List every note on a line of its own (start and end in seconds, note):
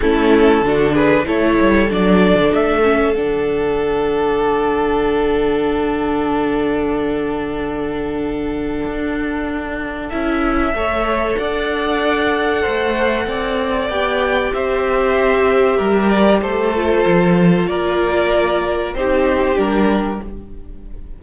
0.00 0.61 A3
0.00 0.65 C#4
0.00 0.64 E4
0.00 0.94 A4
0.61 1.24 D3
0.61 1.25 D4
0.61 0.93 F#4
0.93 1.24 G#4
0.93 1.26 B4
1.25 1.58 A3
1.25 1.88 E4
1.25 10.74 A4
1.25 1.91 C#5
1.59 1.90 G3
1.89 2.35 F#3
1.89 2.82 D4
1.89 2.53 D5
2.35 2.51 D3
2.53 3.17 A3
2.53 3.14 E5
2.82 3.14 C#4
3.14 8.85 D3
3.14 10.11 D4
3.14 10.09 F#5
8.85 10.11 D4
10.09 10.73 C#4
10.09 10.74 E4
10.09 11.35 E5
10.73 11.36 A3
10.73 13.90 A4
10.73 11.38 C#5
11.37 12.64 D4
11.37 12.61 D5
11.37 13.88 F#5
12.61 13.26 A3
12.61 13.24 C5
13.26 13.89 C4
13.26 14.54 D5
13.88 14.52 B3
13.88 16.74 G4
13.88 14.52 G5
14.53 15.78 C4
14.53 15.77 C5
14.53 16.09 E5
15.77 16.41 G3
15.77 16.40 A#4
16.09 16.40 D5
16.41 17.04 A3
16.41 17.68 A4
16.41 17.67 C5
16.75 18.96 F4
17.05 17.68 F3
17.67 18.94 A#3
17.67 18.96 A#4
17.67 18.93 D5
18.94 19.57 C4
18.94 19.54 D#4
18.94 20.22 G4
18.94 19.58 C5
19.54 20.20 G3
19.54 20.18 D4
19.54 20.21 A#4